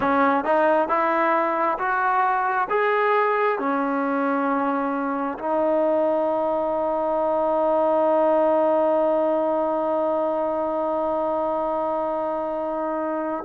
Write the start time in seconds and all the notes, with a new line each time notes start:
0.00 C#4
0.44 D#4
0.88 E4
1.78 F#4
2.69 G#4
3.59 C#4
5.38 D#4